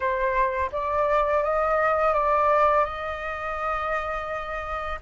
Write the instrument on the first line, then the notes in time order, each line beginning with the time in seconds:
flute
0.00 C5
0.72 D5
1.43 D#5
2.13 D5
2.84 D#5